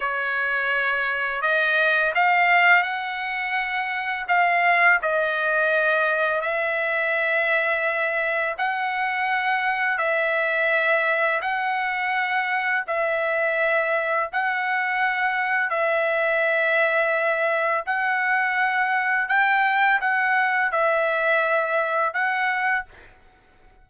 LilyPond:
\new Staff \with { instrumentName = "trumpet" } { \time 4/4 \tempo 4 = 84 cis''2 dis''4 f''4 | fis''2 f''4 dis''4~ | dis''4 e''2. | fis''2 e''2 |
fis''2 e''2 | fis''2 e''2~ | e''4 fis''2 g''4 | fis''4 e''2 fis''4 | }